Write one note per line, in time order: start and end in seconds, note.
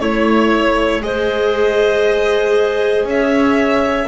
0.00 1.02 A3
0.00 1.02 E4
0.00 1.02 C#5
0.00 1.04 C#5
1.02 3.04 G#3
1.02 4.07 G#4
1.02 3.08 C5
1.02 3.07 D#5
3.04 4.06 C#4
3.04 4.08 C#5
3.04 4.08 E5